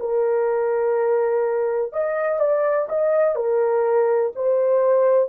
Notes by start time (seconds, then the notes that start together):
0.00 A#4
1.93 D#5
2.39 D5
2.89 D#5
3.36 A#4
4.35 C5